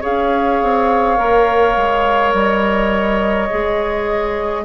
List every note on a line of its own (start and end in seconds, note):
0.00 0.63 C#4
0.00 1.17 G#4
0.00 4.62 C#5
0.00 2.34 F5
0.63 1.18 C4
1.17 1.76 A#3
1.17 3.48 A#4
1.77 2.33 G#3
2.33 3.49 G3
2.33 4.64 D#5
3.50 4.64 G#3
3.50 4.64 G#4